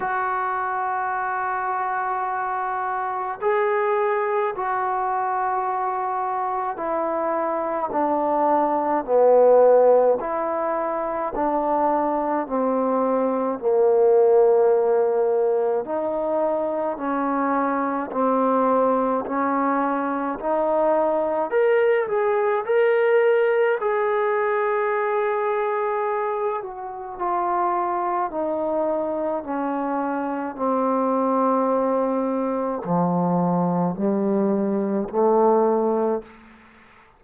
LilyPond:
\new Staff \with { instrumentName = "trombone" } { \time 4/4 \tempo 4 = 53 fis'2. gis'4 | fis'2 e'4 d'4 | b4 e'4 d'4 c'4 | ais2 dis'4 cis'4 |
c'4 cis'4 dis'4 ais'8 gis'8 | ais'4 gis'2~ gis'8 fis'8 | f'4 dis'4 cis'4 c'4~ | c'4 f4 g4 a4 | }